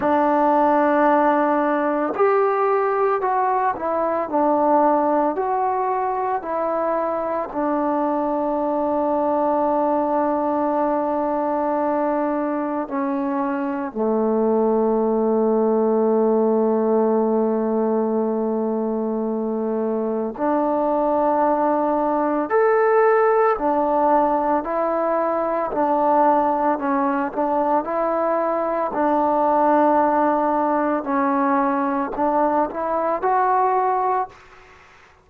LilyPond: \new Staff \with { instrumentName = "trombone" } { \time 4/4 \tempo 4 = 56 d'2 g'4 fis'8 e'8 | d'4 fis'4 e'4 d'4~ | d'1 | cis'4 a2.~ |
a2. d'4~ | d'4 a'4 d'4 e'4 | d'4 cis'8 d'8 e'4 d'4~ | d'4 cis'4 d'8 e'8 fis'4 | }